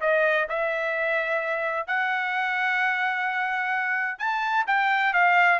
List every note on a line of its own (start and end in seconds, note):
0.00 0.47 D#5
0.48 1.86 E5
1.86 4.18 F#5
4.18 4.65 A5
4.67 5.13 G5
5.13 5.59 F5